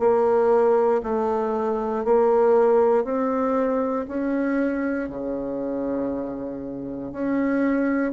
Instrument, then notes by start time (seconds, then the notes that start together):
bassoon
0.00 A#3
1.04 A3
2.05 A#3
3.05 C4
4.08 C#4
5.09 C#3
7.13 C#4